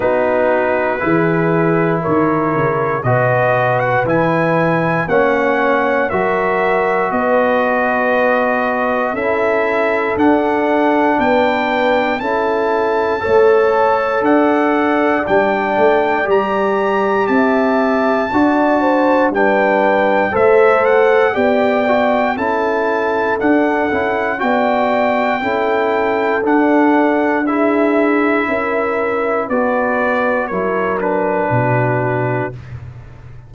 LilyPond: <<
  \new Staff \with { instrumentName = "trumpet" } { \time 4/4 \tempo 4 = 59 b'2 cis''4 dis''8. fis''16 | gis''4 fis''4 e''4 dis''4~ | dis''4 e''4 fis''4 g''4 | a''2 fis''4 g''4 |
ais''4 a''2 g''4 | e''8 fis''8 g''4 a''4 fis''4 | g''2 fis''4 e''4~ | e''4 d''4 cis''8 b'4. | }
  \new Staff \with { instrumentName = "horn" } { \time 4/4 fis'4 gis'4 ais'4 b'4~ | b'4 cis''4 ais'4 b'4~ | b'4 a'2 b'4 | a'4 cis''4 d''2~ |
d''4 e''4 d''8 c''8 b'4 | c''4 d''4 a'2 | d''4 a'2 gis'4 | ais'4 b'4 ais'4 fis'4 | }
  \new Staff \with { instrumentName = "trombone" } { \time 4/4 dis'4 e'2 fis'4 | e'4 cis'4 fis'2~ | fis'4 e'4 d'2 | e'4 a'2 d'4 |
g'2 fis'4 d'4 | a'4 g'8 fis'8 e'4 d'8 e'8 | fis'4 e'4 d'4 e'4~ | e'4 fis'4 e'8 d'4. | }
  \new Staff \with { instrumentName = "tuba" } { \time 4/4 b4 e4 dis8 cis8 b,4 | e4 ais4 fis4 b4~ | b4 cis'4 d'4 b4 | cis'4 a4 d'4 g8 a8 |
g4 c'4 d'4 g4 | a4 b4 cis'4 d'8 cis'8 | b4 cis'4 d'2 | cis'4 b4 fis4 b,4 | }
>>